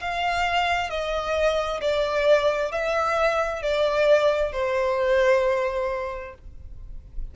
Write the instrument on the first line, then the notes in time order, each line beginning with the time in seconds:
violin
0.00 F5
0.89 D#5
1.81 D5
2.71 E5
3.62 D5
4.52 C5